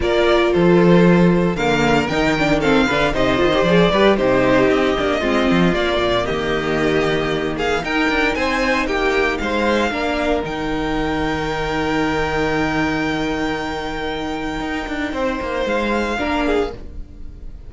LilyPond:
<<
  \new Staff \with { instrumentName = "violin" } { \time 4/4 \tempo 4 = 115 d''4 c''2 f''4 | g''4 f''4 dis''4 d''4 | c''4 dis''2 d''4 | dis''2~ dis''8 f''8 g''4 |
gis''4 g''4 f''2 | g''1~ | g''1~ | g''2 f''2 | }
  \new Staff \with { instrumentName = "violin" } { \time 4/4 ais'4 a'2 ais'4~ | ais'4 a'8 b'8 c''4. b'8 | g'2 f'2 | g'2~ g'8 gis'8 ais'4 |
c''4 g'4 c''4 ais'4~ | ais'1~ | ais'1~ | ais'4 c''2 ais'8 gis'8 | }
  \new Staff \with { instrumentName = "viola" } { \time 4/4 f'2. ais4 | dis'8 d'8 c'8 d'8 dis'8 f'16 g'16 gis'8 g'8 | dis'4. d'8 c'4 ais4~ | ais2. dis'4~ |
dis'2. d'4 | dis'1~ | dis'1~ | dis'2. d'4 | }
  \new Staff \with { instrumentName = "cello" } { \time 4/4 ais4 f2 d4 | dis4. d8 c8 dis8 f8 g8 | c4 c'8 ais8 gis8 f8 ais8 ais,8 | dis2. dis'8 d'8 |
c'4 ais4 gis4 ais4 | dis1~ | dis1 | dis'8 d'8 c'8 ais8 gis4 ais4 | }
>>